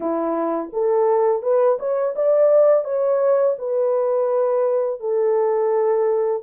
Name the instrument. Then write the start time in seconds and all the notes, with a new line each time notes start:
horn
0.00 E4
0.72 A4
1.42 B4
1.79 C#5
2.15 D5
2.84 C#5
3.58 B4
4.99 A4